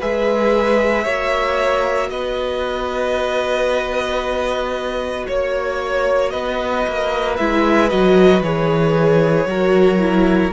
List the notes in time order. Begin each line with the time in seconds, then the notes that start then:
0.00 G#3 G#4 B4 E5
1.03 A#3 F#4 C#5
2.10 B3 B4 D#5
5.27 A#3 C#5
6.30 B3 B4 D#5
6.87 A#3
7.37 G#3 E4 E5
7.89 F#3 F#4 D#5
8.41 E3 G#4 C#5
9.46 F#3 F#4 A#4
9.99 E4